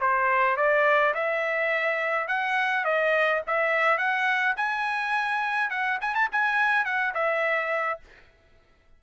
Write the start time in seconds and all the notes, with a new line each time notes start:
0.00 C5
0.57 D5
1.14 E5
2.28 F#5
2.84 D#5
3.47 E5
3.98 F#5
4.57 G#5
5.70 F#5
6.01 G#5
6.15 A5
6.32 G#5
6.85 F#5
7.14 E5